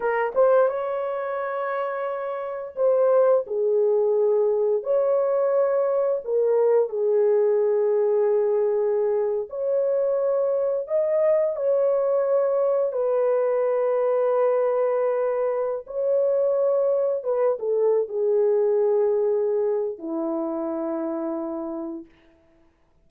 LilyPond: \new Staff \with { instrumentName = "horn" } { \time 4/4 \tempo 4 = 87 ais'8 c''8 cis''2. | c''4 gis'2 cis''4~ | cis''4 ais'4 gis'2~ | gis'4.~ gis'16 cis''2 dis''16~ |
dis''8. cis''2 b'4~ b'16~ | b'2. cis''4~ | cis''4 b'8 a'8. gis'4.~ gis'16~ | gis'4 e'2. | }